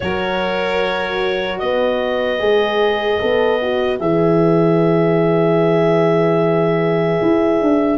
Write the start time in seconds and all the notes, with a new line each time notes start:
0.00 F#3 F#4 A#4 C#5
1.58 B3 B4 D#5
2.39 G#3 G#4
3.20 B3 A4
3.62 F#4
3.99 E3 G#4 E5
7.21 E4
7.61 D4